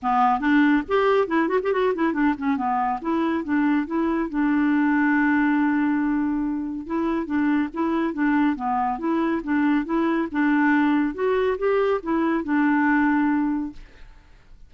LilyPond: \new Staff \with { instrumentName = "clarinet" } { \time 4/4 \tempo 4 = 140 b4 d'4 g'4 e'8 fis'16 g'16 | fis'8 e'8 d'8 cis'8 b4 e'4 | d'4 e'4 d'2~ | d'1 |
e'4 d'4 e'4 d'4 | b4 e'4 d'4 e'4 | d'2 fis'4 g'4 | e'4 d'2. | }